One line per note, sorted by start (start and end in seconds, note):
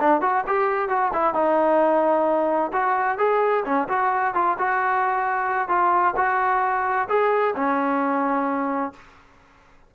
0.00 0.21 D4
0.21 0.44 F#4
0.46 0.88 G4
0.88 1.11 F#4
1.13 1.34 E4
1.34 2.71 D#4
2.73 3.18 F#4
3.18 3.64 G#4
3.65 3.88 C#4
3.88 4.34 F#4
4.34 4.57 F4
4.58 5.68 F#4
5.68 6.14 F4
6.16 7.08 F#4
7.09 7.54 G#4
7.55 8.93 C#4